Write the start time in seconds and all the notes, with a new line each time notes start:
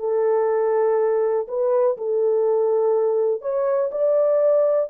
0.00 A4
1.48 B4
1.98 A4
3.42 C#5
3.92 D5